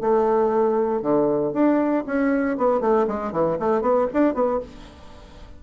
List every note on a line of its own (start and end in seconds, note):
0.00 1.01 A3
1.01 1.52 D3
1.52 2.04 D4
2.06 2.57 C#4
2.57 2.80 B3
2.80 3.06 A3
3.07 3.32 G#3
3.32 3.57 E3
3.59 3.81 A3
3.81 4.07 B3
4.13 4.34 D4
4.34 4.59 B3